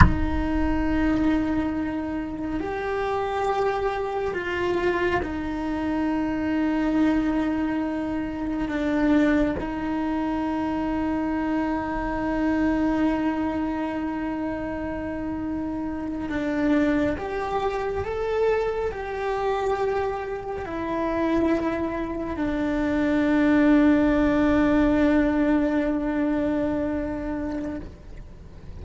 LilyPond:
\new Staff \with { instrumentName = "cello" } { \time 4/4 \tempo 4 = 69 dis'2. g'4~ | g'4 f'4 dis'2~ | dis'2 d'4 dis'4~ | dis'1~ |
dis'2~ dis'8. d'4 g'16~ | g'8. a'4 g'2 e'16~ | e'4.~ e'16 d'2~ d'16~ | d'1 | }